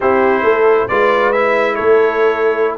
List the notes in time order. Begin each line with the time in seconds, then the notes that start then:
0.00 C4 E4 G4 C5
0.43 A3 A4
0.88 G#3 F4 B4 D5
1.32 E4 E5
1.75 A3 A4 C#5